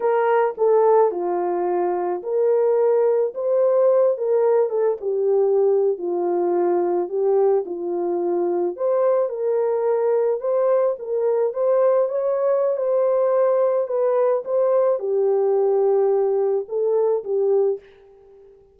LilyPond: \new Staff \with { instrumentName = "horn" } { \time 4/4 \tempo 4 = 108 ais'4 a'4 f'2 | ais'2 c''4. ais'8~ | ais'8 a'8 g'4.~ g'16 f'4~ f'16~ | f'8. g'4 f'2 c''16~ |
c''8. ais'2 c''4 ais'16~ | ais'8. c''4 cis''4~ cis''16 c''4~ | c''4 b'4 c''4 g'4~ | g'2 a'4 g'4 | }